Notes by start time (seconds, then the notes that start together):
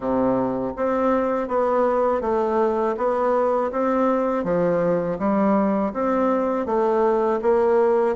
0.00 C3
0.76 C4
1.47 B3
2.21 A3
2.97 B3
3.71 C4
4.44 F3
5.19 G3
5.93 C4
6.65 A3
7.42 A#3